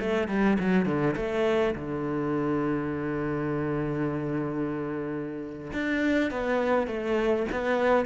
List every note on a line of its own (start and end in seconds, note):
0.00 0.28 A3
0.28 0.57 G3
0.59 0.86 F#3
0.86 1.15 D3
1.16 1.75 A3
1.75 5.72 D3
5.72 6.30 D4
6.30 6.87 B3
6.87 7.46 A3
7.52 8.06 B3